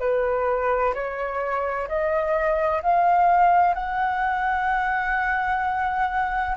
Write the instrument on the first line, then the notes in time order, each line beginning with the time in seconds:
flute
0.00 B4
0.94 C#5
1.88 D#5
2.83 F5
3.75 F#5